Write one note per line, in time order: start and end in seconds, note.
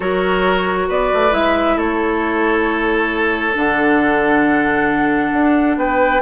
0.00 0.88 F#3
0.00 1.30 F#4
0.00 0.88 A#4
0.00 0.88 C#5
0.88 1.11 B3
0.88 1.76 B4
0.88 1.33 D5
1.13 1.32 A3
1.30 1.77 G#3
1.30 3.52 E4
1.30 1.78 E5
1.76 3.54 A3
1.76 5.76 A4
1.76 3.55 C#5
3.54 5.32 D3
3.54 6.20 D4
3.54 5.78 F#5
5.32 5.76 D4
5.76 6.20 B3
5.76 6.22 B4
5.76 6.22 G5